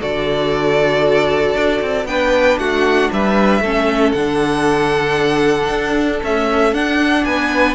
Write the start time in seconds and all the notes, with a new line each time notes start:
0.00 D3 F#4 A4 D5
1.55 D4
1.81 C4
2.05 B3 D4 B4 G5
2.58 A3 F#4 F#5
3.12 G3 B4 E5
3.60 A3 C#4 A4
4.12 D3 D4 F#5
5.70 D4
6.23 A3 C#4 E5
6.73 D4 F#5
7.25 B3 B4 G#5